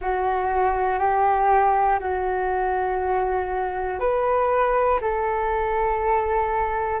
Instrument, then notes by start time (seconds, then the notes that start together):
flute
0.00 F#4
0.99 G4
1.99 F#4
3.99 B4
5.01 A4